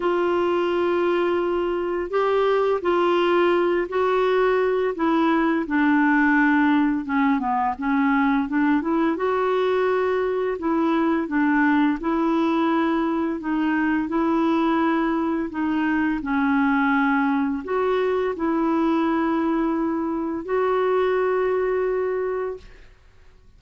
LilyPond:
\new Staff \with { instrumentName = "clarinet" } { \time 4/4 \tempo 4 = 85 f'2. g'4 | f'4. fis'4. e'4 | d'2 cis'8 b8 cis'4 | d'8 e'8 fis'2 e'4 |
d'4 e'2 dis'4 | e'2 dis'4 cis'4~ | cis'4 fis'4 e'2~ | e'4 fis'2. | }